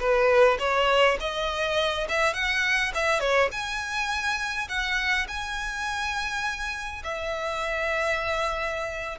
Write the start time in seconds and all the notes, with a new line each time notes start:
0.00 B4
0.60 C#5
1.20 D#5
2.09 E5
2.34 F#5
2.95 E5
3.21 C#5
3.52 G#5
4.69 F#5
5.29 G#5
7.04 E5